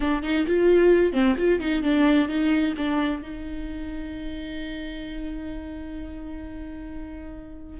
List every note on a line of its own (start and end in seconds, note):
0.00 0.22 D4
0.22 0.45 D#4
0.46 1.13 F4
1.13 1.36 C4
1.37 1.59 F4
1.59 1.82 D#4
1.83 2.28 D4
2.28 2.74 D#4
2.77 3.22 D4
3.22 7.79 D#4